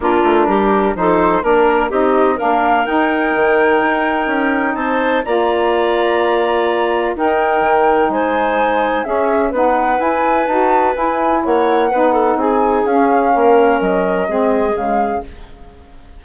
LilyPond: <<
  \new Staff \with { instrumentName = "flute" } { \time 4/4 \tempo 4 = 126 ais'2 c''4 ais'4 | dis''4 f''4 g''2~ | g''2 a''4 ais''4~ | ais''2. g''4~ |
g''4 gis''2 e''4 | fis''4 gis''4 a''4 gis''4 | fis''2 gis''4 f''4~ | f''4 dis''2 f''4 | }
  \new Staff \with { instrumentName = "clarinet" } { \time 4/4 f'4 g'4 a'4 ais'4 | g'4 ais'2.~ | ais'2 c''4 d''4~ | d''2. ais'4~ |
ais'4 c''2 gis'4 | b'1 | cis''4 b'8 a'8 gis'2 | ais'2 gis'2 | }
  \new Staff \with { instrumentName = "saxophone" } { \time 4/4 d'2 dis'4 d'4 | dis'4 d'4 dis'2~ | dis'2. f'4~ | f'2. dis'4~ |
dis'2. cis'4 | dis'4 e'4 fis'4 e'4~ | e'4 dis'2 cis'4~ | cis'2 c'4 gis4 | }
  \new Staff \with { instrumentName = "bassoon" } { \time 4/4 ais8 a8 g4 f4 ais4 | c'4 ais4 dis'4 dis4 | dis'4 cis'4 c'4 ais4~ | ais2. dis'4 |
dis4 gis2 cis'4 | b4 e'4 dis'4 e'4 | ais4 b4 c'4 cis'4 | ais4 fis4 gis4 cis4 | }
>>